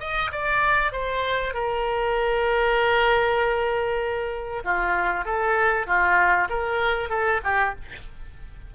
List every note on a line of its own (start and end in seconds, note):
0.00 0.31 D#5
0.32 0.92 D5
0.92 1.54 C5
1.54 4.63 A#4
4.64 5.25 F4
5.25 5.87 A4
5.87 6.48 F4
6.49 7.10 A#4
7.10 7.41 A4
7.44 7.75 G4